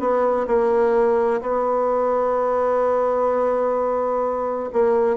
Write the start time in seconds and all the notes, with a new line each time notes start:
0.00 B3
0.48 A#3
1.42 B3
4.73 A#3